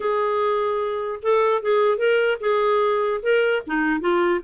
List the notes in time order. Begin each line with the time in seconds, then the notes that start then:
0.00 G#4
1.22 A4
1.61 G#4
1.97 A#4
2.40 G#4
3.22 A#4
3.66 D#4
4.00 F4